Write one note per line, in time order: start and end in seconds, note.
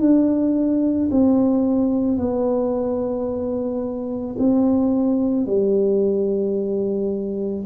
0.00 1.09 D4
1.11 2.18 C4
2.18 4.36 B3
4.38 5.46 C4
5.46 7.65 G3